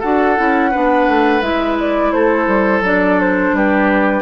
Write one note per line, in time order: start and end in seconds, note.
0.00 0.39 D4
0.00 0.37 F#4
0.00 0.71 A4
0.00 1.42 F#5
0.37 0.75 C#4
0.37 0.72 E4
0.71 1.08 B3
0.71 1.43 D4
0.71 2.12 B4
1.08 1.42 A3
1.42 2.12 G#3
1.42 2.84 E4
1.42 1.77 E5
1.80 2.12 D5
2.12 2.47 A3
2.12 3.56 A4
2.12 2.83 C5
2.47 2.81 G3
2.81 3.51 F#3
2.81 4.22 D4
2.81 3.21 D5
3.21 3.56 C5
3.53 4.22 G3
3.53 4.22 G4
3.53 4.22 B4